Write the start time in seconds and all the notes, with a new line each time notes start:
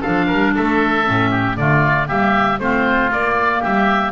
0.00 D4 A4 F5
0.06 F3
0.26 G3 A#4
0.55 A3 A4 E5
1.04 A2 C#4
1.30 G4
1.56 D3 A3 F4 D5
2.07 G3 A#3 G4 E5
2.59 A3 C4 F4 C5
3.12 A#3 D5
3.60 G3 G4 E5